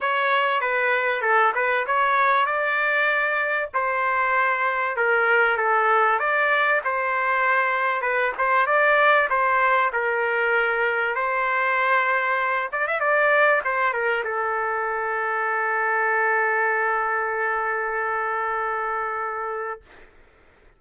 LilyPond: \new Staff \with { instrumentName = "trumpet" } { \time 4/4 \tempo 4 = 97 cis''4 b'4 a'8 b'8 cis''4 | d''2 c''2 | ais'4 a'4 d''4 c''4~ | c''4 b'8 c''8 d''4 c''4 |
ais'2 c''2~ | c''8 d''16 e''16 d''4 c''8 ais'8 a'4~ | a'1~ | a'1 | }